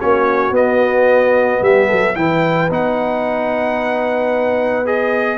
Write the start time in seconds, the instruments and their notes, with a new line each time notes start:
0.00 tuba A#3, trombone C#4, horn F#4, trumpet C#5
0.51 tuba B3, trombone B3, trumpet D#5
1.61 tuba G3, horn G4, trumpet E5
1.87 tuba F#3, horn A4
2.16 tuba E3, trombone E4, horn B4, trumpet G5
2.70 tuba B3, trombone D#4, trumpet F#5
4.85 trombone G#4, trumpet D#5